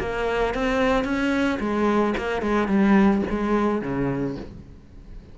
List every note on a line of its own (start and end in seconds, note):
0.00 0.55 A#3
0.55 1.04 C4
1.04 1.59 C#4
1.60 2.15 G#3
2.18 2.42 A#3
2.42 2.68 G#3
2.68 3.23 G3
3.30 3.82 G#3
3.82 4.36 C#3